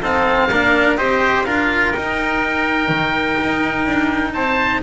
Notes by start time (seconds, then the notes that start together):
0.00 C4 D#4 A4 F5
0.51 A#3 D4 A#4
0.97 C4 G4 C5 D#5
1.44 D4 F4 A#4 F5
1.92 D#4 G5
2.89 D#3
3.42 D#4
3.86 D4
4.33 C4 C5 A5